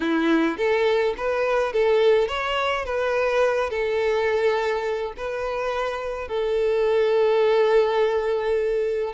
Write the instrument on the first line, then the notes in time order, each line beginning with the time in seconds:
violin
0.00 E4
0.57 A4
1.17 B4
1.72 A4
2.28 C#5
2.85 B4
3.70 A4
5.16 B4
6.28 A4